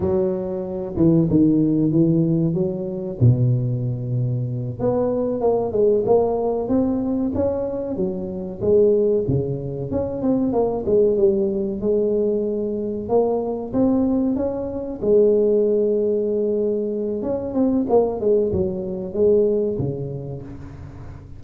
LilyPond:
\new Staff \with { instrumentName = "tuba" } { \time 4/4 \tempo 4 = 94 fis4. e8 dis4 e4 | fis4 b,2~ b,8 b8~ | b8 ais8 gis8 ais4 c'4 cis'8~ | cis'8 fis4 gis4 cis4 cis'8 |
c'8 ais8 gis8 g4 gis4.~ | gis8 ais4 c'4 cis'4 gis8~ | gis2. cis'8 c'8 | ais8 gis8 fis4 gis4 cis4 | }